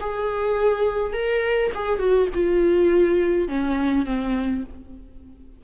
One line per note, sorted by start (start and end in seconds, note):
0.00 1.13 G#4
1.13 1.71 A#4
1.74 1.99 G#4
1.99 2.28 F#4
2.34 3.48 F4
3.48 4.05 C#4
4.05 4.63 C4